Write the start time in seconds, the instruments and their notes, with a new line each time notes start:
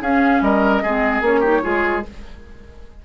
0.00 bassoon C#4, clarinet C#4, oboe G#4, flute F5
0.41 bassoon G3, oboe A#4, flute D#5
0.83 bassoon G#3, clarinet C4, oboe G#4
1.21 bassoon A#3, clarinet C#4, flute C#5
1.40 clarinet D#4, oboe G4
1.62 bassoon G#3, clarinet F4, oboe G#4